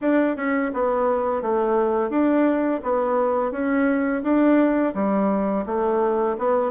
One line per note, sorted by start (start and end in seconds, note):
0.01 0.36 D4
0.36 0.71 C#4
0.73 1.42 B3
1.42 2.10 A3
2.10 2.80 D4
2.83 3.51 B3
3.51 4.22 C#4
4.23 4.93 D4
4.94 5.65 G3
5.65 6.36 A3
6.38 6.71 B3